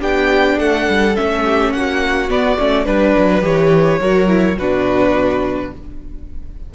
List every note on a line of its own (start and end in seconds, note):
0.00 0.59 B3
0.00 1.15 D4
0.00 0.57 G4
0.00 0.59 G5
0.57 0.87 A3
0.57 1.43 A4
0.57 1.16 F#5
0.89 1.17 G3
1.15 1.74 A3
1.15 2.29 C#4
1.15 1.72 E5
1.45 1.73 G4
1.72 2.30 A#3
1.72 2.85 F#4
1.72 2.29 F#5
2.29 2.57 B3
2.29 2.58 B3
2.29 2.85 D5
2.59 2.86 A3
2.59 2.86 C#4
2.85 3.15 G3
2.85 3.41 D4
2.85 3.99 B4
2.85 3.42 B4
3.18 3.43 F#3
3.41 4.00 E3
3.41 3.99 G4
3.41 4.58 C#5
4.00 4.57 F#3
4.00 4.27 F#4
4.00 4.57 A#4
4.27 4.56 E4
4.58 5.72 B2
4.58 5.74 D4
4.58 5.73 F#4
4.58 5.73 B4